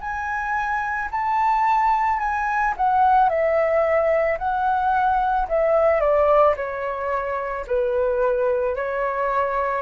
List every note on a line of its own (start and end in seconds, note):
0.00 1.09 G#5
1.11 2.19 A5
2.19 2.74 G#5
2.77 3.29 F#5
3.29 4.38 E5
4.38 5.47 F#5
5.48 6.00 E5
6.00 6.55 D5
6.56 7.65 C#5
7.67 8.75 B4
8.75 9.82 C#5